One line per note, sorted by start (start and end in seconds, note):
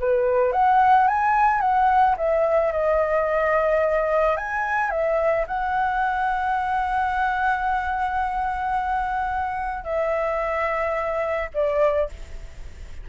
0.00 0.53 B4
0.53 1.08 F#5
1.08 1.61 G#5
1.61 2.16 F#5
2.17 2.72 E5
2.72 4.37 D#5
4.37 4.91 G#5
4.91 5.46 E5
5.47 9.84 F#5
9.84 11.49 E5
11.54 12.10 D5